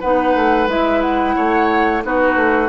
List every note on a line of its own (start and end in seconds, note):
0.00 0.35 B3
0.00 0.68 D#4
0.00 1.35 B4
0.00 0.68 F#5
0.35 0.68 A3
0.68 1.35 G#3
0.68 2.02 E4
0.68 1.01 E5
1.01 2.02 F#5
1.36 2.04 A3
1.36 2.03 C#5
2.02 2.35 B3
2.02 2.69 D#4
2.02 2.69 F#4
2.02 2.69 B4
2.35 2.69 A3